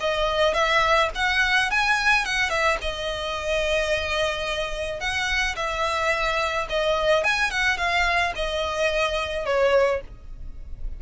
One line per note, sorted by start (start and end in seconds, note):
0.00 0.54 D#5
0.54 1.09 E5
1.15 1.70 F#5
1.70 2.25 G#5
2.25 2.49 F#5
2.49 2.77 E5
2.81 4.99 D#5
4.99 5.55 F#5
5.56 6.67 E5
6.69 7.23 D#5
7.23 7.50 G#5
7.50 7.77 F#5
7.77 8.33 F5
8.35 9.45 D#5
9.45 10.01 C#5